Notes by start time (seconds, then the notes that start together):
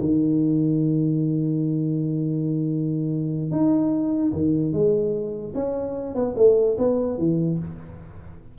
0.00 D#3
3.51 D#4
4.33 D#3
4.73 G#3
5.54 C#4
6.15 B3
6.36 A3
6.78 B3
7.18 E3